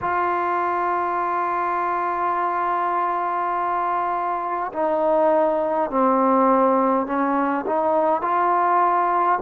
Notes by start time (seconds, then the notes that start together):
0.01 F4
4.72 D#4
5.90 C4
7.06 C#4
7.66 D#4
8.21 F4